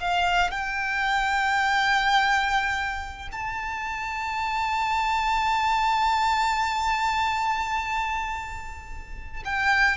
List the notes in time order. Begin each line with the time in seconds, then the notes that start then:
0.00 F5
0.51 G5
3.32 A5
9.45 G5